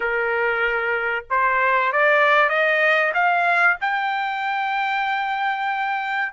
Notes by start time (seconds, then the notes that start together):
0.00 A#4
1.30 C5
1.92 D5
2.49 D#5
3.13 F5
3.81 G5